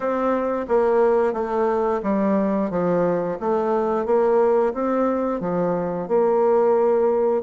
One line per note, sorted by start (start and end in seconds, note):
0.00 0.66 C4
0.68 1.33 A#3
1.33 2.00 A3
2.02 2.70 G3
2.70 3.37 F3
3.40 4.05 A3
4.05 4.73 A#3
4.73 5.40 C4
5.40 6.07 F3
6.08 7.42 A#3